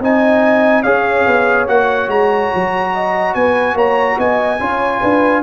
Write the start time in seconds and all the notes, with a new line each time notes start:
0.00 C4 D#4 D#5 G#5
0.83 C#4 G#4 C#5 F5
1.27 B3
1.67 A#3 F#4 F#5
2.08 G#3 A#5
2.54 F#3
2.93 D#5
3.34 B3 B4 G#5
3.74 A#3 C#5 A#5
4.18 B3 D#5 G#5
4.60 C#4 F4 C#5
5.00 D4 B4